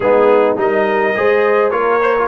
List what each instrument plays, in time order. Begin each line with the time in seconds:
0.00 tuba G#3, trombone B3, horn D#4, trumpet G#4
0.56 tuba G3, trombone D#4, horn A#4, trumpet D#5
1.15 tuba G#3, trombone G#4, horn C5
1.70 tuba A#3, trombone F4, horn A#4, trumpet C#5
2.02 trombone C5
2.18 trombone F4